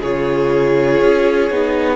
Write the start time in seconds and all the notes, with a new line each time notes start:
0.00 C#3 F4 G#4 C#5
1.01 C#4
1.50 B3 D#4